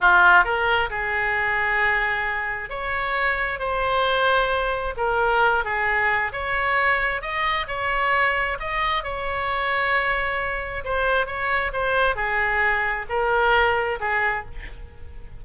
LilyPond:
\new Staff \with { instrumentName = "oboe" } { \time 4/4 \tempo 4 = 133 f'4 ais'4 gis'2~ | gis'2 cis''2 | c''2. ais'4~ | ais'8 gis'4. cis''2 |
dis''4 cis''2 dis''4 | cis''1 | c''4 cis''4 c''4 gis'4~ | gis'4 ais'2 gis'4 | }